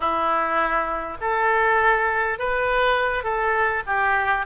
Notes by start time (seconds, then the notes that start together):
0.00 E4
1.20 A4
2.38 B4
3.23 A4
3.86 G4